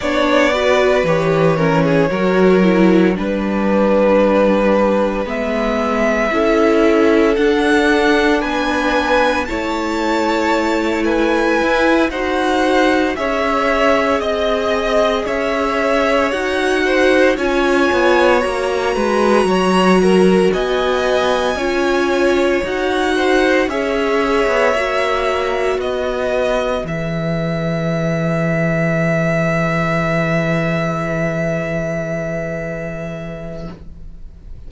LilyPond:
<<
  \new Staff \with { instrumentName = "violin" } { \time 4/4 \tempo 4 = 57 d''4 cis''2 b'4~ | b'4 e''2 fis''4 | gis''4 a''4. gis''4 fis''8~ | fis''8 e''4 dis''4 e''4 fis''8~ |
fis''8 gis''4 ais''2 gis''8~ | gis''4. fis''4 e''4.~ | e''8 dis''4 e''2~ e''8~ | e''1 | }
  \new Staff \with { instrumentName = "violin" } { \time 4/4 cis''8 b'4 ais'16 gis'16 ais'4 b'4~ | b'2 a'2 | b'4 cis''4. b'4 c''8~ | c''8 cis''4 dis''4 cis''4. |
c''8 cis''4. b'8 cis''8 ais'8 dis''8~ | dis''8 cis''4. c''8 cis''4.~ | cis''8 b'2.~ b'8~ | b'1 | }
  \new Staff \with { instrumentName = "viola" } { \time 4/4 d'8 fis'8 g'8 cis'8 fis'8 e'8 d'4~ | d'4 b4 e'4 d'4~ | d'4 e'2~ e'8 fis'8~ | fis'8 gis'2. fis'8~ |
fis'8 f'4 fis'2~ fis'8~ | fis'8 f'4 fis'4 gis'4 fis'8~ | fis'4. gis'2~ gis'8~ | gis'1 | }
  \new Staff \with { instrumentName = "cello" } { \time 4/4 b4 e4 fis4 g4~ | g4 gis4 cis'4 d'4 | b4 a2 e'8 dis'8~ | dis'8 cis'4 c'4 cis'4 dis'8~ |
dis'8 cis'8 b8 ais8 gis8 fis4 b8~ | b8 cis'4 dis'4 cis'8. b16 ais8~ | ais8 b4 e2~ e8~ | e1 | }
>>